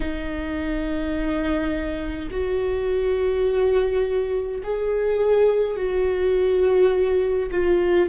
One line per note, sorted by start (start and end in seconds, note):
0.00 2.29 D#4
2.31 4.62 F#4
4.63 5.76 G#4
5.76 7.49 F#4
7.51 8.09 F4